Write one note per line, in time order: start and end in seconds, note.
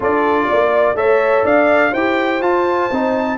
0.00 0.47 D4
0.00 0.95 F4
0.00 0.48 A4
0.00 0.97 D5
0.49 0.94 A#3
0.49 0.97 D5
0.94 1.43 A3
0.94 1.92 A4
0.94 1.44 C#5
0.94 1.45 E5
1.44 1.92 D4
1.44 1.91 D5
1.44 1.94 F5
1.91 2.41 E4
1.91 2.41 G4
1.91 3.36 C5
1.91 2.42 G5
2.41 2.89 F4
2.41 2.90 F4
2.41 3.38 A5
2.91 3.38 C4
2.91 3.38 D#4